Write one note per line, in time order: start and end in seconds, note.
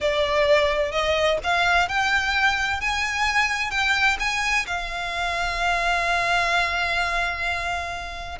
0.00 0.91 D5
0.91 1.38 D#5
1.43 1.88 F5
1.88 2.80 G5
2.80 3.70 G#5
3.70 4.17 G5
4.19 4.66 G#5
4.66 8.38 F5